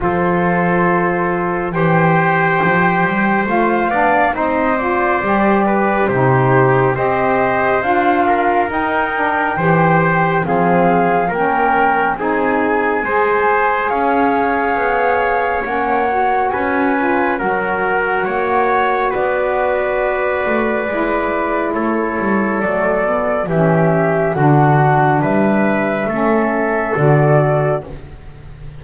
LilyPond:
<<
  \new Staff \with { instrumentName = "flute" } { \time 4/4 \tempo 4 = 69 c''2 g''2 | f''4 dis''8 d''4. c''4 | dis''4 f''4 g''2 | f''4 g''4 gis''2 |
f''2 fis''4 gis''4 | fis''2 d''2~ | d''4 cis''4 d''4 e''4 | fis''4 e''2 d''4 | }
  \new Staff \with { instrumentName = "trumpet" } { \time 4/4 a'2 c''2~ | c''8 d''8 c''4. b'8 g'4 | c''4. ais'4. c''4 | gis'4 ais'4 gis'4 c''4 |
cis''2. b'4 | ais'4 cis''4 b'2~ | b'4 a'2 g'4 | fis'4 b'4 a'2 | }
  \new Staff \with { instrumentName = "saxophone" } { \time 4/4 f'2 g'2 | f'8 d'8 dis'8 f'8 g'4 dis'4 | g'4 f'4 dis'8 d'8 g'4 | c'4 cis'4 dis'4 gis'4~ |
gis'2 cis'8 fis'4 f'8 | fis'1 | e'2 a8 b8 cis'4 | d'2 cis'4 fis'4 | }
  \new Staff \with { instrumentName = "double bass" } { \time 4/4 f2 e4 f8 g8 | a8 b8 c'4 g4 c4 | c'4 d'4 dis'4 e4 | f4 ais4 c'4 gis4 |
cis'4 b4 ais4 cis'4 | fis4 ais4 b4. a8 | gis4 a8 g8 fis4 e4 | d4 g4 a4 d4 | }
>>